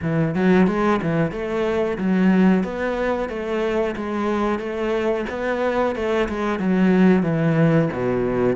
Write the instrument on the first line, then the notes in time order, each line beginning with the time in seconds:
cello
0.02 E3
0.34 F#3
0.67 G#3
1.02 E3
1.31 A3
1.98 F#3
2.63 B3
3.29 A3
3.96 G#3
4.59 A3
5.29 B3
5.95 A3
6.28 G#3
6.59 F#3
7.23 E3
7.93 B2